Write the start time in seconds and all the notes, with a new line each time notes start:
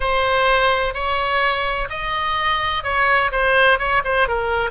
0.00 C5
0.94 C#5
1.89 D#5
2.83 C#5
3.31 C5
3.78 C#5
4.04 C5
4.28 A#4